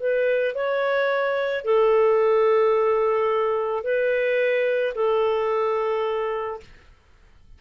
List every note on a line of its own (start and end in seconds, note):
0.00 0.55 B4
0.55 1.65 C#5
1.65 3.84 A4
3.84 4.94 B4
4.95 6.61 A4